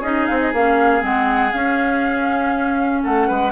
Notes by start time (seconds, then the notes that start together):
0.00 C#4 D#4 G#4 D#5
0.26 C4 F5
0.40 D#5
0.54 A#3 C#4 F5
1.01 G#3 C4 F#5
1.53 C#4 F5
3.04 A3 A4 F#5
3.28 G#3 B4